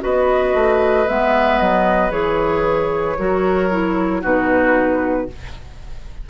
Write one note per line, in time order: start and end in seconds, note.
0.00 0.54 B3
0.00 1.05 F#4
0.00 3.19 B4
0.00 1.08 D#5
0.54 1.07 A3
1.07 1.60 G#3
1.07 2.11 B3
1.07 1.58 E5
1.58 2.11 F#3
1.58 2.11 D#5
2.11 3.16 E3
2.11 3.16 G#4
2.11 4.22 C#5
3.18 4.24 F#3
3.18 3.71 F#4
3.18 4.22 A#4
3.71 4.22 E4
4.22 5.29 B2
4.22 5.28 D#4
4.22 5.27 F#4
4.22 5.30 B4